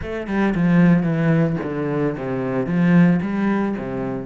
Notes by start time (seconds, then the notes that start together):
0.01 A3
0.27 G3
0.55 F3
1.03 E3
1.63 D3
2.17 C3
2.66 F3
3.21 G3
3.78 C3